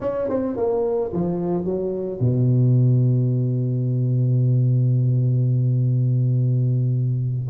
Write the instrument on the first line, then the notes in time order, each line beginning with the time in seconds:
tuba
0.01 C#4
0.29 C4
0.56 A#3
1.13 F3
1.64 F#3
2.20 B2